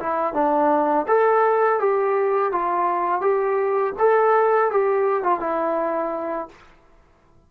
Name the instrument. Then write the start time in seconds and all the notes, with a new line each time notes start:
trombone
0.00 E4
0.34 D4
1.08 A4
1.80 G4
2.52 F4
3.21 G4
3.99 A4
4.72 G4
5.23 F4
5.40 E4